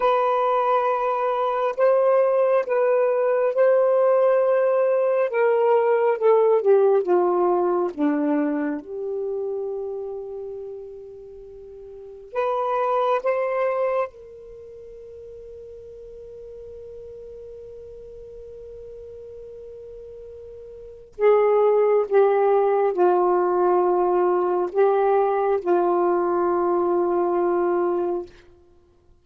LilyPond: \new Staff \with { instrumentName = "saxophone" } { \time 4/4 \tempo 4 = 68 b'2 c''4 b'4 | c''2 ais'4 a'8 g'8 | f'4 d'4 g'2~ | g'2 b'4 c''4 |
ais'1~ | ais'1 | gis'4 g'4 f'2 | g'4 f'2. | }